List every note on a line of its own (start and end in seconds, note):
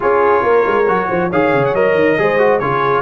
0.00 0.42 C#4
0.00 0.84 F4
0.00 0.42 G#4
0.00 1.32 C#5
0.42 0.64 A#3
0.42 1.08 A#4
0.66 0.88 G#3
0.87 1.10 F#3
0.87 1.31 F#4
1.08 1.32 F3
1.08 1.29 C5
1.29 1.52 D#3
1.29 1.75 G#4
1.29 2.16 C#5
1.29 1.64 F5
1.52 1.73 C#3
1.65 1.74 F#5
1.73 1.94 F#3
1.73 2.18 A#4
1.73 2.59 D#5
1.94 2.16 D#3
2.18 2.61 G#3
2.18 2.38 G#4
2.18 2.61 C5
2.38 2.60 F#4
2.59 3.01 C#3
2.59 3.01 F4
2.59 3.01 G#4
2.59 3.01 C#5